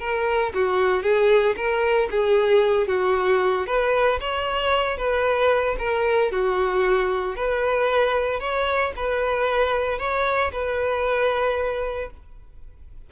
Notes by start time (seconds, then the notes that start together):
0.00 A#4
0.54 F#4
1.03 G#4
1.57 A#4
2.11 G#4
2.88 F#4
3.67 B4
4.20 C#5
4.98 B4
5.79 A#4
6.31 F#4
7.36 B4
8.40 C#5
8.96 B4
9.99 C#5
10.52 B4